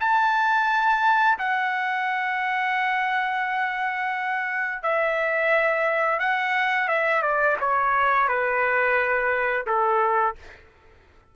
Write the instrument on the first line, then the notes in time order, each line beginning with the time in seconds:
trumpet
0.00 A5
1.39 F#5
4.82 E5
6.19 F#5
6.88 E5
7.22 D5
7.60 C#5
8.28 B4
9.66 A4